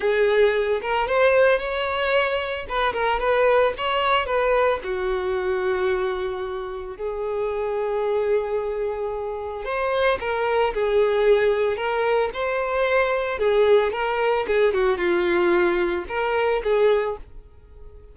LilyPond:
\new Staff \with { instrumentName = "violin" } { \time 4/4 \tempo 4 = 112 gis'4. ais'8 c''4 cis''4~ | cis''4 b'8 ais'8 b'4 cis''4 | b'4 fis'2.~ | fis'4 gis'2.~ |
gis'2 c''4 ais'4 | gis'2 ais'4 c''4~ | c''4 gis'4 ais'4 gis'8 fis'8 | f'2 ais'4 gis'4 | }